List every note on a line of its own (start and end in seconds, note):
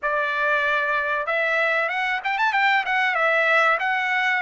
0.02 1.26 D5
1.26 1.88 E5
1.88 2.20 F#5
2.23 2.38 G5
2.38 2.53 A5
2.53 2.84 G5
2.85 3.14 F#5
3.14 3.78 E5
3.79 4.42 F#5